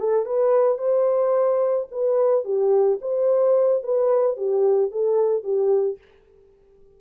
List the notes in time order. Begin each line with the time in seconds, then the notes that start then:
0.00 A4
0.26 B4
0.78 C5
1.92 B4
2.45 G4
3.02 C5
3.84 B4
4.37 G4
4.91 A4
5.44 G4